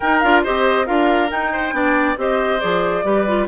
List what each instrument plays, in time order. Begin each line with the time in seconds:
0.00 clarinet D#4, bassoon D#4, oboe A#4, flute G5
0.20 bassoon D4, clarinet F4, flute F5
0.43 bassoon C4, clarinet G4, oboe C5, flute D#5
0.86 bassoon D4, clarinet F4, oboe A#4, flute F5
1.30 clarinet D#4, bassoon D#4, flute G5
1.52 oboe C5
1.72 bassoon B3, clarinet D4, oboe D5
2.17 bassoon C4, clarinet G4, oboe C5, flute D#5
2.60 bassoon F3, clarinet G#4, flute D5
3.04 bassoon G3, clarinet G4, oboe B4
3.27 clarinet F4